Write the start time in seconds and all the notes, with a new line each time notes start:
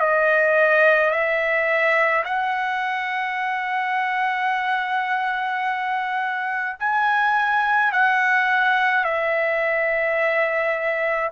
0.00 D#5
1.11 E5
2.25 F#5
6.80 G#5
7.92 F#5
9.04 E5